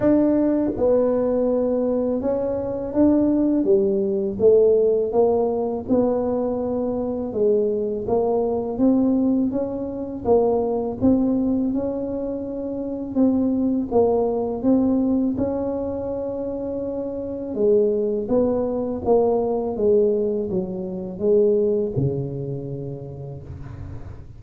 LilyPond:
\new Staff \with { instrumentName = "tuba" } { \time 4/4 \tempo 4 = 82 d'4 b2 cis'4 | d'4 g4 a4 ais4 | b2 gis4 ais4 | c'4 cis'4 ais4 c'4 |
cis'2 c'4 ais4 | c'4 cis'2. | gis4 b4 ais4 gis4 | fis4 gis4 cis2 | }